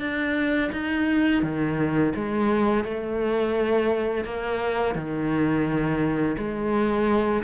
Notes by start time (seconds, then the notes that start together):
0.00 D4
0.73 D#4
1.43 D#3
2.16 G#3
2.84 A3
4.25 A#3
4.95 D#3
6.38 G#3